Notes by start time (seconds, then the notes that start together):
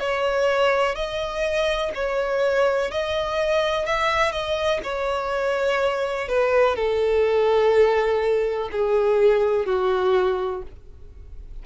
0.00 C#5
0.95 D#5
1.95 C#5
2.91 D#5
3.86 E5
4.32 D#5
4.84 C#5
6.29 B4
6.76 A4
8.72 G#4
9.66 F#4